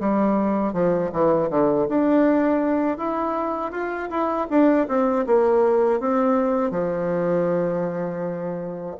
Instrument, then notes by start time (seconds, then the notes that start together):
bassoon
0.00 G3
0.73 F3
1.12 E3
1.50 D3
1.89 D4
2.98 E4
3.72 F4
4.10 E4
4.50 D4
4.89 C4
5.27 A#3
6.00 C4
6.71 F3